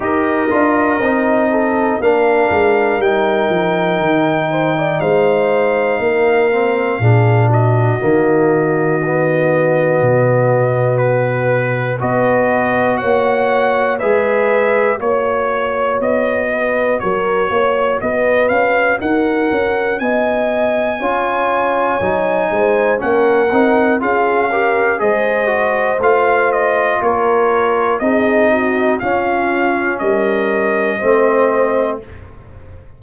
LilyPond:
<<
  \new Staff \with { instrumentName = "trumpet" } { \time 4/4 \tempo 4 = 60 dis''2 f''4 g''4~ | g''4 f''2~ f''8 dis''8~ | dis''2. b'4 | dis''4 fis''4 e''4 cis''4 |
dis''4 cis''4 dis''8 f''8 fis''4 | gis''2. fis''4 | f''4 dis''4 f''8 dis''8 cis''4 | dis''4 f''4 dis''2 | }
  \new Staff \with { instrumentName = "horn" } { \time 4/4 ais'4. a'8 ais'2~ | ais'8 c''16 d''16 c''4 ais'4 gis'8 fis'8~ | fis'1 | b'4 cis''4 b'4 cis''4~ |
cis''8 b'8 ais'8 cis''8 b'4 ais'4 | dis''4 cis''4. c''8 ais'4 | gis'8 ais'8 c''2 ais'4 | gis'8 fis'8 f'4 ais'4 c''4 | }
  \new Staff \with { instrumentName = "trombone" } { \time 4/4 g'8 f'8 dis'4 d'4 dis'4~ | dis'2~ dis'8 c'8 d'4 | ais4 b2. | fis'2 gis'4 fis'4~ |
fis'1~ | fis'4 f'4 dis'4 cis'8 dis'8 | f'8 g'8 gis'8 fis'8 f'2 | dis'4 cis'2 c'4 | }
  \new Staff \with { instrumentName = "tuba" } { \time 4/4 dis'8 d'8 c'4 ais8 gis8 g8 f8 | dis4 gis4 ais4 ais,4 | dis2 b,2 | b4 ais4 gis4 ais4 |
b4 fis8 ais8 b8 cis'8 dis'8 cis'8 | b4 cis'4 fis8 gis8 ais8 c'8 | cis'4 gis4 a4 ais4 | c'4 cis'4 g4 a4 | }
>>